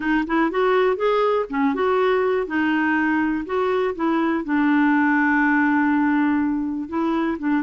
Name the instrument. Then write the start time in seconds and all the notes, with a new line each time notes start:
clarinet
0.00 D#4
0.26 E4
0.51 F#4
0.96 G#4
1.49 C#4
1.74 F#4
2.46 D#4
3.45 F#4
3.95 E4
4.44 D4
6.88 E4
7.38 D4